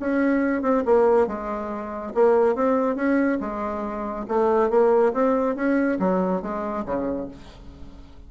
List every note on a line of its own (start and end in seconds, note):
0.00 0.63 C#4
0.63 0.84 C4
0.86 1.28 A#3
1.28 2.14 G#3
2.15 2.56 A#3
2.56 2.96 C4
2.96 3.39 C#4
3.41 4.27 G#3
4.29 4.70 A3
4.70 5.13 A#3
5.14 5.56 C4
5.56 5.99 C#4
6.00 6.43 F#3
6.43 6.86 G#3
6.86 7.29 C#3